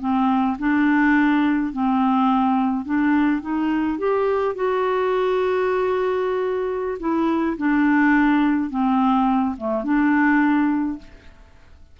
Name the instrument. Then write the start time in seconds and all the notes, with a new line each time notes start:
clarinet
0.00 C4
0.59 D4
1.73 C4
2.85 D4
3.42 D#4
3.98 G4
4.55 F#4
6.99 E4
7.58 D4
8.70 C4
9.57 A3
9.84 D4